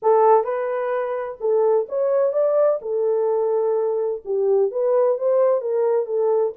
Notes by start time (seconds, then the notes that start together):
0.02 A4
0.44 B4
1.40 A4
1.89 C#5
2.32 D5
2.81 A4
4.24 G4
4.71 B4
5.18 C5
5.61 A#4
6.06 A4